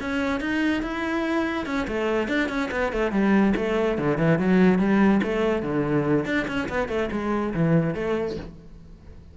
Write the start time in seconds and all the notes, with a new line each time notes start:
0.00 C#4
0.40 D#4
0.82 E4
1.66 C#4
1.87 A3
2.28 D4
2.49 C#4
2.71 B3
2.92 A3
3.12 G3
3.56 A3
3.98 D3
4.17 E3
4.38 F#3
4.79 G3
5.23 A3
5.62 D3
6.25 D4
6.47 C#4
6.68 B3
6.88 A3
7.12 G#3
7.54 E3
7.94 A3